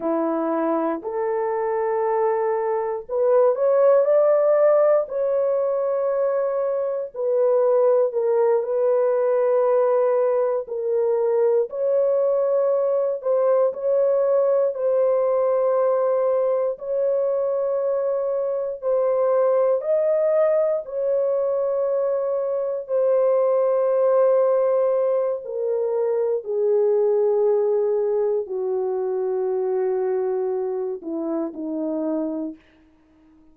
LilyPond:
\new Staff \with { instrumentName = "horn" } { \time 4/4 \tempo 4 = 59 e'4 a'2 b'8 cis''8 | d''4 cis''2 b'4 | ais'8 b'2 ais'4 cis''8~ | cis''4 c''8 cis''4 c''4.~ |
c''8 cis''2 c''4 dis''8~ | dis''8 cis''2 c''4.~ | c''4 ais'4 gis'2 | fis'2~ fis'8 e'8 dis'4 | }